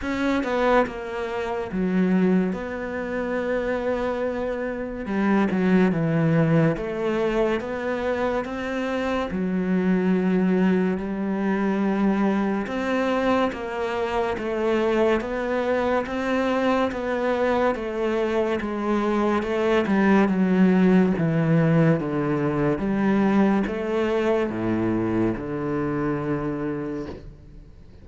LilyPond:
\new Staff \with { instrumentName = "cello" } { \time 4/4 \tempo 4 = 71 cis'8 b8 ais4 fis4 b4~ | b2 g8 fis8 e4 | a4 b4 c'4 fis4~ | fis4 g2 c'4 |
ais4 a4 b4 c'4 | b4 a4 gis4 a8 g8 | fis4 e4 d4 g4 | a4 a,4 d2 | }